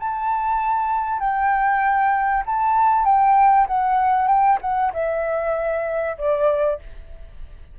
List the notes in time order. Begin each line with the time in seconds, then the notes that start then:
0.00 A5
1.20 G5
2.47 A5
3.05 G5
3.68 F#5
4.28 G5
4.62 F#5
4.94 E5
6.18 D5